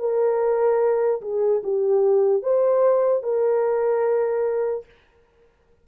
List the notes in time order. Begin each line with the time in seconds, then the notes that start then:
0.00 A#4
1.22 G#4
1.64 G4
2.43 C5
3.23 A#4